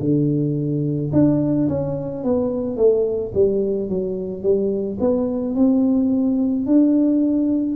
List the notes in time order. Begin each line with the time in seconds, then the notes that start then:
0.00 D3
1.13 D4
1.69 C#4
2.24 B3
2.77 A3
3.34 G3
3.89 F#3
4.42 G3
5.00 B3
5.55 C4
6.66 D4